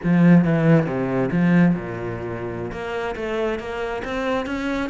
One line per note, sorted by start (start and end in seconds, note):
0.03 0.44 F3
0.44 0.86 E3
0.86 1.29 C3
1.31 1.75 F3
1.75 2.71 A#2
2.71 3.15 A#3
3.15 3.59 A3
3.59 4.02 A#3
4.04 4.46 C4
4.46 4.89 C#4